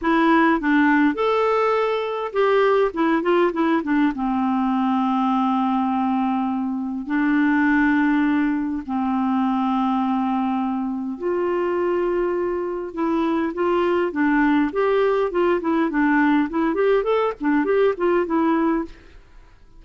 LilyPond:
\new Staff \with { instrumentName = "clarinet" } { \time 4/4 \tempo 4 = 102 e'4 d'4 a'2 | g'4 e'8 f'8 e'8 d'8 c'4~ | c'1 | d'2. c'4~ |
c'2. f'4~ | f'2 e'4 f'4 | d'4 g'4 f'8 e'8 d'4 | e'8 g'8 a'8 d'8 g'8 f'8 e'4 | }